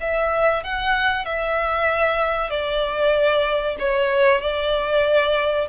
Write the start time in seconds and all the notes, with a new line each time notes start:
0.00 E5
0.63 F#5
1.25 E5
2.50 D5
3.79 C#5
4.41 D5